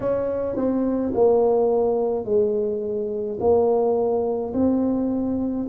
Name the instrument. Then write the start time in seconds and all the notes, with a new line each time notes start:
tuba
0.00 C#4
0.56 C4
1.14 A#3
2.24 G#3
3.40 A#3
4.53 C4